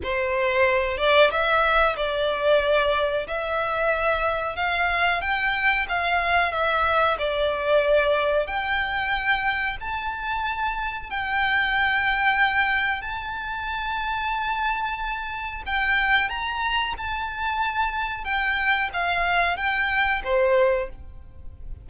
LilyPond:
\new Staff \with { instrumentName = "violin" } { \time 4/4 \tempo 4 = 92 c''4. d''8 e''4 d''4~ | d''4 e''2 f''4 | g''4 f''4 e''4 d''4~ | d''4 g''2 a''4~ |
a''4 g''2. | a''1 | g''4 ais''4 a''2 | g''4 f''4 g''4 c''4 | }